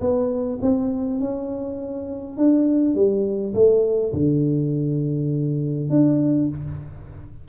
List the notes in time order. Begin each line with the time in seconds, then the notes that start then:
0.00 B3
0.62 C4
1.20 C#4
2.37 D4
2.95 G3
3.54 A3
4.13 D3
5.90 D4